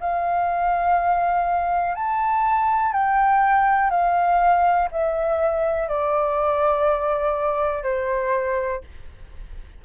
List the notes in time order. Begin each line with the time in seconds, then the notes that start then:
0.00 F5
1.94 A5
2.92 G5
3.90 F5
4.91 E5
5.88 D5
7.83 C5